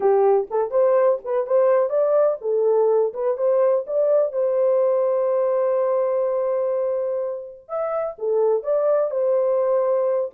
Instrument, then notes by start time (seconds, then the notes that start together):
horn
0.00 G4
0.50 A4
0.71 C5
1.24 B4
1.46 C5
1.89 D5
2.41 A4
3.13 B4
3.37 C5
3.86 D5
4.32 C5
7.68 E5
8.18 A4
8.63 D5
9.11 C5